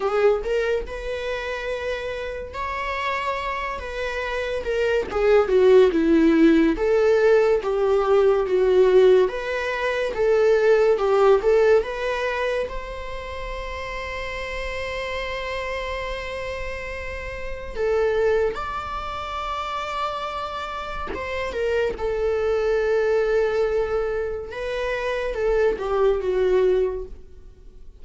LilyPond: \new Staff \with { instrumentName = "viola" } { \time 4/4 \tempo 4 = 71 gis'8 ais'8 b'2 cis''4~ | cis''8 b'4 ais'8 gis'8 fis'8 e'4 | a'4 g'4 fis'4 b'4 | a'4 g'8 a'8 b'4 c''4~ |
c''1~ | c''4 a'4 d''2~ | d''4 c''8 ais'8 a'2~ | a'4 b'4 a'8 g'8 fis'4 | }